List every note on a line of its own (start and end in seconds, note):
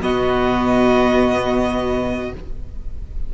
0.00 2.34 B2
0.00 2.31 B3
0.00 2.32 F#4
0.00 2.33 D#5